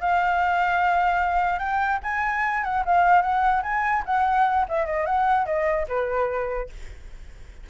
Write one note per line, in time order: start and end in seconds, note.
0.00 1.59 F5
1.59 1.99 G5
2.03 2.64 G#5
2.64 2.84 F#5
2.85 3.22 F5
3.22 3.62 F#5
3.62 4.03 G#5
4.05 4.66 F#5
4.68 4.86 E5
4.86 5.05 D#5
5.05 5.46 F#5
5.46 5.86 D#5
5.88 6.69 B4